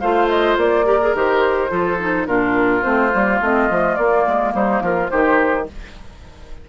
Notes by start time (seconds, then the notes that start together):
0.00 A3 F4 C5 F5
0.29 D#5
0.57 A#3 D5
0.85 G4 A#4
1.02 G#4
1.15 D#3 G4 C5
1.69 F3 F4 A4
2.00 D#4
2.27 A#2 D4 F4 A#4
2.82 A3 C4 C5
3.15 G3 A#3
3.41 A3 C4 D#5
3.70 F3 A3
3.96 A#3 D5
4.28 G#3
4.54 G3 D#4 C5
4.82 F3 F4 A#4
5.10 D#3 D#4 G4 C5